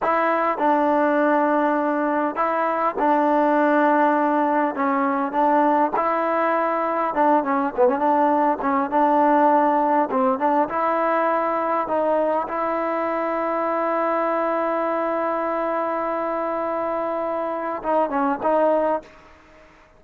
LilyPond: \new Staff \with { instrumentName = "trombone" } { \time 4/4 \tempo 4 = 101 e'4 d'2. | e'4 d'2. | cis'4 d'4 e'2 | d'8 cis'8 b16 cis'16 d'4 cis'8 d'4~ |
d'4 c'8 d'8 e'2 | dis'4 e'2.~ | e'1~ | e'2 dis'8 cis'8 dis'4 | }